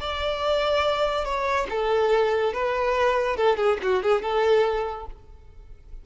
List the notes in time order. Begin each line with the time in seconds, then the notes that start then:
0.00 D5
1.25 C#5
1.70 A4
2.53 B4
3.37 A4
3.57 G#4
3.82 F#4
4.03 G#4
4.22 A4